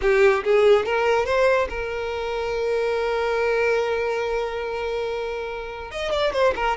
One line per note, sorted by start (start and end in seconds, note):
0.01 0.43 G4
0.44 0.85 G#4
0.85 1.25 A#4
1.25 1.67 C5
1.69 5.91 A#4
5.91 6.11 D#5
6.11 6.32 D5
6.32 6.54 C5
6.55 6.76 A#4